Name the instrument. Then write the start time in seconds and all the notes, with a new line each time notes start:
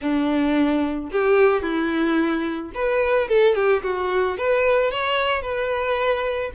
violin
0.01 D4
1.11 G4
1.62 E4
2.74 B4
3.28 A4
3.55 G4
3.83 F#4
4.37 B4
4.91 C#5
5.42 B4